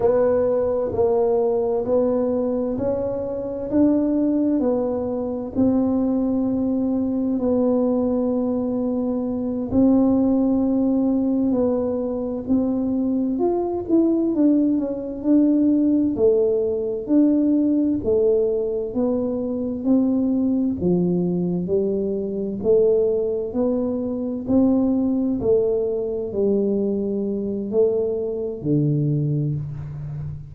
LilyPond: \new Staff \with { instrumentName = "tuba" } { \time 4/4 \tempo 4 = 65 b4 ais4 b4 cis'4 | d'4 b4 c'2 | b2~ b8 c'4.~ | c'8 b4 c'4 f'8 e'8 d'8 |
cis'8 d'4 a4 d'4 a8~ | a8 b4 c'4 f4 g8~ | g8 a4 b4 c'4 a8~ | a8 g4. a4 d4 | }